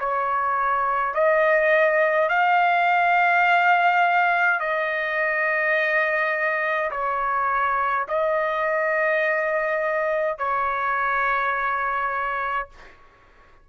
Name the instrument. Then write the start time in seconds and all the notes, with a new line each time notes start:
trumpet
0.00 C#5
1.14 D#5
2.30 F5
4.60 D#5
6.91 C#5
8.09 D#5
10.39 C#5